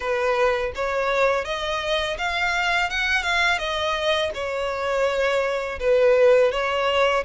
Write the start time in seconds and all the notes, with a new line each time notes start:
0.00 B4
0.75 C#5
1.45 D#5
2.18 F5
2.90 F#5
3.22 F5
3.58 D#5
4.34 C#5
5.79 B4
6.51 C#5